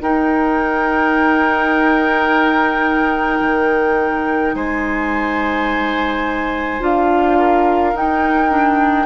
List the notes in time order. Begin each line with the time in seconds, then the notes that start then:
0.00 D#4 A#4 G5
3.40 D#3
4.54 G#3 C5 G#5
6.80 D4 F4 F5
7.38 A#4
7.93 D#4 G5
8.49 D4